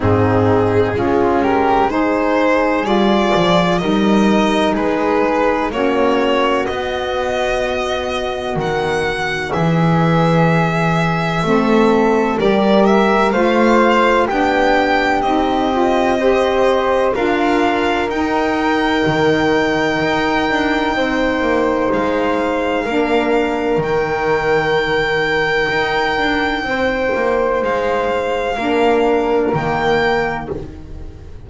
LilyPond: <<
  \new Staff \with { instrumentName = "violin" } { \time 4/4 \tempo 4 = 63 gis'4. ais'8 c''4 d''4 | dis''4 b'4 cis''4 dis''4~ | dis''4 fis''4 e''2~ | e''4 d''8 e''8 f''4 g''4 |
dis''2 f''4 g''4~ | g''2. f''4~ | f''4 g''2.~ | g''4 f''2 g''4 | }
  \new Staff \with { instrumentName = "flute" } { \time 4/4 dis'4 f'8 g'8 gis'2 | ais'4 gis'4 fis'2~ | fis'2 gis'2 | a'4 ais'4 c''4 g'4~ |
g'4 c''4 ais'2~ | ais'2 c''2 | ais'1 | c''2 ais'2 | }
  \new Staff \with { instrumentName = "saxophone" } { \time 4/4 c'4 cis'4 dis'4 f'4 | dis'2 cis'4 b4~ | b1 | c'4 g'4 f'4 d'4 |
dis'8 f'8 g'4 f'4 dis'4~ | dis'1 | d'4 dis'2.~ | dis'2 d'4 ais4 | }
  \new Staff \with { instrumentName = "double bass" } { \time 4/4 gis,4 gis2 g8 f8 | g4 gis4 ais4 b4~ | b4 dis4 e2 | a4 g4 a4 b4 |
c'2 d'4 dis'4 | dis4 dis'8 d'8 c'8 ais8 gis4 | ais4 dis2 dis'8 d'8 | c'8 ais8 gis4 ais4 dis4 | }
>>